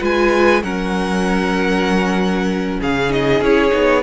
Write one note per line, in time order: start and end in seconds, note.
0.00 0.63 G#3
0.00 0.62 F4
0.00 0.62 B4
0.00 0.63 G#5
0.63 2.80 F#3
0.63 3.09 C#4
0.63 2.80 A#4
0.63 2.80 F#5
2.80 3.41 C#3
2.80 4.03 G#4
2.80 3.12 F5
3.09 3.40 D#4
3.09 3.43 D#5
3.41 3.72 C#4
3.41 3.71 E4
3.41 4.03 C#5
3.71 4.03 B3
3.71 4.02 D#4